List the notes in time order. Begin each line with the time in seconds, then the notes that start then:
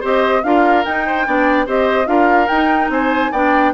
0.00 C4 G4 C5 D#5
0.43 D4 F4 A#4 F5
0.85 D#4 G5
1.06 C5
1.25 B3 D4 D5
1.66 C4 G4 C5 D#5
2.05 D4 F4 A#4 F5
2.47 D#4 G5
2.89 C4 C5 G#5
3.31 B3 D4 D5 G5